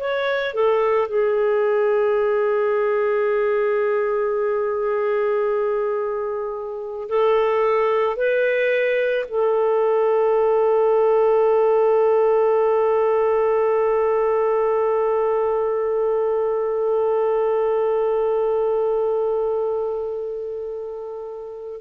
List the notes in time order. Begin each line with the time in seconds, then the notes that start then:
0.00 C#5
0.54 A4
1.08 G#4
7.09 A4
8.17 B4
9.28 A4